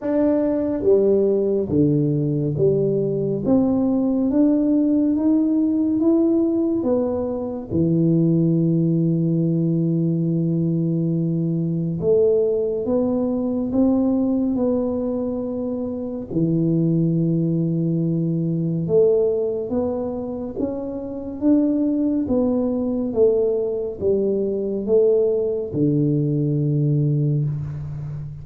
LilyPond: \new Staff \with { instrumentName = "tuba" } { \time 4/4 \tempo 4 = 70 d'4 g4 d4 g4 | c'4 d'4 dis'4 e'4 | b4 e2.~ | e2 a4 b4 |
c'4 b2 e4~ | e2 a4 b4 | cis'4 d'4 b4 a4 | g4 a4 d2 | }